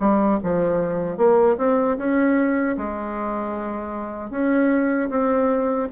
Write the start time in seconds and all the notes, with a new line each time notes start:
0.00 G3
0.43 F3
1.17 A#3
1.58 C4
1.98 C#4
2.78 G#3
4.31 C#4
5.10 C4